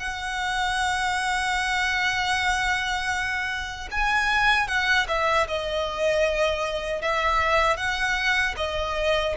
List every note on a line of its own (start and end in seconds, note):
0.00 3.89 F#5
3.92 4.68 G#5
4.68 5.07 F#5
5.09 5.48 E5
5.48 7.02 D#5
7.02 7.77 E5
7.77 8.55 F#5
8.57 9.35 D#5